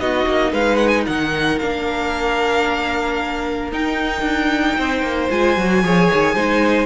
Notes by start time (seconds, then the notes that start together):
0.00 B3 D#4 F#4 D#5
0.27 A#3
0.53 G#3 B4 F5
0.77 F#5
0.89 G#5
1.06 D#3 A#4 F#5
1.59 A#3 D4 F5
3.72 D#4 G5
4.22 D4
4.78 C4 C5
5.03 A#3
5.31 G#3 F4 G#5
5.58 F#3 F#4
5.83 F3 G#4 C#5
6.14 D#3
6.35 G#3 D#4 C5